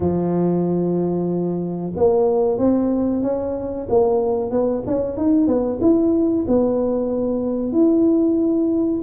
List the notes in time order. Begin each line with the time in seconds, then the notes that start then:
0.00 F3
1.96 A#3
2.58 C4
3.22 C#4
3.89 A#3
4.50 B3
4.87 C#4
5.17 D#4
5.47 B3
5.81 E4
6.47 B3
7.72 E4